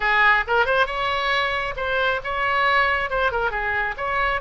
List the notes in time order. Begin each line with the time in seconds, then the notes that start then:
0.00 G#4
0.47 A#4
0.65 C5
0.86 C#5
1.76 C5
2.24 C#5
3.09 C5
3.31 A#4
3.51 G#4
3.97 C#5